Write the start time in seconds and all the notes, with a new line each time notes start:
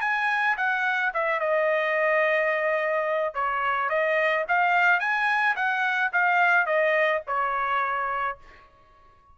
0.00 G#5
0.57 F#5
1.14 E5
1.39 D#5
3.34 C#5
3.89 D#5
4.48 F5
4.99 G#5
5.56 F#5
6.12 F5
6.66 D#5
7.27 C#5